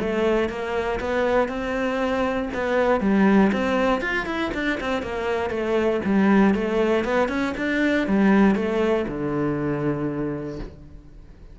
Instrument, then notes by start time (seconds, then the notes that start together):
cello
0.00 A3
0.50 A#3
1.01 B3
1.49 C4
2.54 B3
3.01 G3
3.53 C4
4.02 F4
4.27 E4
4.54 D4
4.81 C4
5.03 A#3
5.51 A3
6.05 G3
6.55 A3
7.05 B3
7.29 C#4
7.57 D4
8.08 G3
8.56 A3
9.08 D3